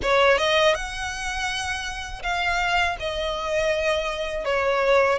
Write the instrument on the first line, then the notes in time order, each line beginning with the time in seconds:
violin
0.02 C#5
0.37 D#5
0.74 F#5
2.22 F5
2.99 D#5
4.44 C#5